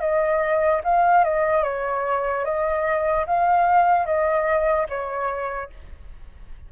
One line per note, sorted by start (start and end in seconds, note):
0.00 0.81 D#5
0.83 1.24 F5
1.24 1.63 D#5
1.63 2.44 C#5
2.44 3.25 D#5
3.27 4.05 F5
4.05 4.86 D#5
4.89 5.70 C#5